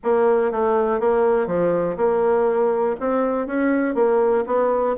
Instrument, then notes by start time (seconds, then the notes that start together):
bassoon
0.03 A#3
0.51 A3
0.99 A#3
1.47 F3
1.96 A#3
3.00 C4
3.46 C#4
3.94 A#3
4.46 B3